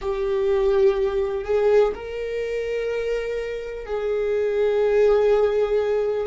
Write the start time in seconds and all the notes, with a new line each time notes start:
0.01 G4
1.44 G#4
1.94 A#4
3.85 G#4